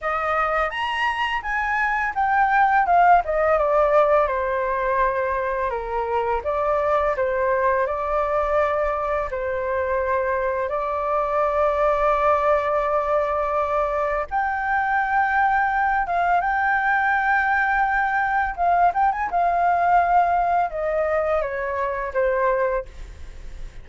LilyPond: \new Staff \with { instrumentName = "flute" } { \time 4/4 \tempo 4 = 84 dis''4 ais''4 gis''4 g''4 | f''8 dis''8 d''4 c''2 | ais'4 d''4 c''4 d''4~ | d''4 c''2 d''4~ |
d''1 | g''2~ g''8 f''8 g''4~ | g''2 f''8 g''16 gis''16 f''4~ | f''4 dis''4 cis''4 c''4 | }